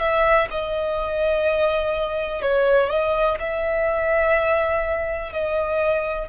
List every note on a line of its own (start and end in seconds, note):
0.00 0.48 E5
0.51 2.42 D#5
2.42 2.90 C#5
2.90 3.39 D#5
3.40 5.33 E5
5.33 6.29 D#5